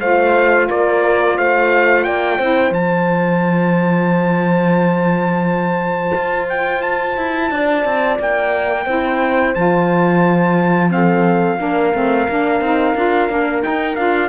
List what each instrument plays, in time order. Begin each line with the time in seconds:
0.00 cello A3, saxophone F4, horn C5, trumpet F5
0.68 cello A#3, horn A#4, trumpet D5
1.38 cello A3, horn C5, trumpet F5
2.04 cello A#3, horn D5, trumpet G5
2.38 cello C4, saxophone E4, horn C5
2.71 cello F3, saxophone F4, trumpet A5
6.15 cello F4
6.49 trumpet G5
6.82 trumpet A5
7.17 cello E4
7.50 cello D4, horn D5
7.85 cello C4
8.19 cello A#3, trumpet G5
8.85 cello C4, saxophone E4, horn C5
9.55 cello F3, saxophone F4, trumpet A5
10.89 saxophone C4, horn A4, trumpet F5
11.58 cello A#3, saxophone D4, horn A#4
11.94 cello A3, saxophone C4
12.29 cello A#3, saxophone D4
12.61 cello C4, saxophone D#4
12.95 cello D4, saxophone F4
13.29 cello A#3, saxophone D4
13.62 saxophone D#4, cello D#4, trumpet G5
13.96 cello D4, saxophone F4, trumpet F5